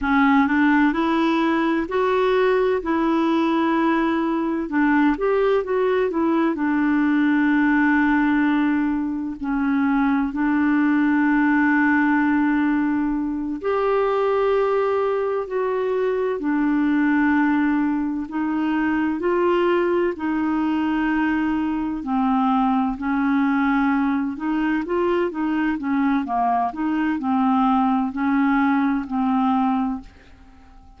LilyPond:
\new Staff \with { instrumentName = "clarinet" } { \time 4/4 \tempo 4 = 64 cis'8 d'8 e'4 fis'4 e'4~ | e'4 d'8 g'8 fis'8 e'8 d'4~ | d'2 cis'4 d'4~ | d'2~ d'8 g'4.~ |
g'8 fis'4 d'2 dis'8~ | dis'8 f'4 dis'2 c'8~ | c'8 cis'4. dis'8 f'8 dis'8 cis'8 | ais8 dis'8 c'4 cis'4 c'4 | }